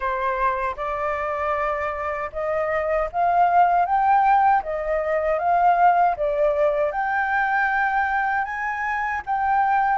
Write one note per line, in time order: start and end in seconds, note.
0.00 0.75 C5
0.76 2.30 D5
2.32 3.09 D#5
3.12 3.85 F5
3.85 4.62 G5
4.63 5.38 D#5
5.38 6.15 F5
6.16 6.91 D5
6.91 8.44 G5
8.44 9.21 G#5
9.26 9.98 G5